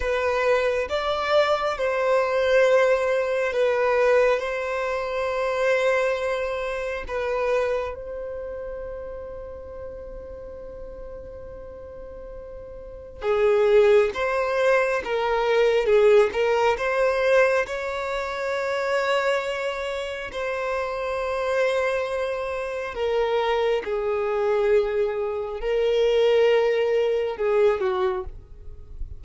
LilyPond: \new Staff \with { instrumentName = "violin" } { \time 4/4 \tempo 4 = 68 b'4 d''4 c''2 | b'4 c''2. | b'4 c''2.~ | c''2. gis'4 |
c''4 ais'4 gis'8 ais'8 c''4 | cis''2. c''4~ | c''2 ais'4 gis'4~ | gis'4 ais'2 gis'8 fis'8 | }